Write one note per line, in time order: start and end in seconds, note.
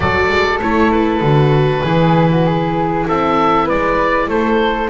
0.00 0.29 F#3
0.00 0.60 F#4
0.00 1.83 A4
0.00 0.59 D5
0.29 0.59 G#3
0.61 1.21 A3
0.61 1.23 E4
0.61 0.91 C#5
0.91 3.05 B4
1.21 1.82 D3
1.21 1.84 F#4
1.83 3.06 E3
1.83 4.90 E4
1.83 2.29 G#4
2.30 2.45 F#4
2.45 3.06 G#4
3.07 3.70 C4
3.07 3.65 A4
3.07 3.68 E5
3.65 4.28 G#3
3.65 4.26 B4
3.65 4.29 D5
4.28 4.89 A3
4.28 4.90 A4
4.28 4.90 C5